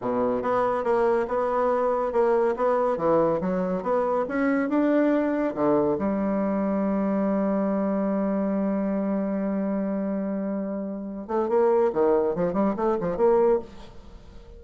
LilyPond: \new Staff \with { instrumentName = "bassoon" } { \time 4/4 \tempo 4 = 141 b,4 b4 ais4 b4~ | b4 ais4 b4 e4 | fis4 b4 cis'4 d'4~ | d'4 d4 g2~ |
g1~ | g1~ | g2~ g8 a8 ais4 | dis4 f8 g8 a8 f8 ais4 | }